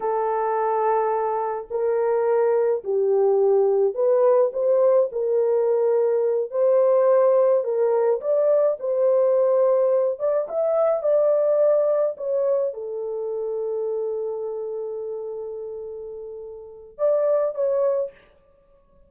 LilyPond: \new Staff \with { instrumentName = "horn" } { \time 4/4 \tempo 4 = 106 a'2. ais'4~ | ais'4 g'2 b'4 | c''4 ais'2~ ais'8 c''8~ | c''4. ais'4 d''4 c''8~ |
c''2 d''8 e''4 d''8~ | d''4. cis''4 a'4.~ | a'1~ | a'2 d''4 cis''4 | }